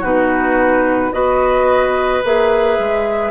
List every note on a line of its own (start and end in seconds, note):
0.00 1.11 B2
0.00 1.12 D#4
0.00 1.09 F#4
0.00 1.12 B4
1.12 2.22 B3
1.12 2.21 F#4
1.12 3.31 B4
1.12 2.21 D#5
2.23 2.78 A#3
2.23 3.31 G#4
2.23 3.31 E5
2.78 3.31 G#3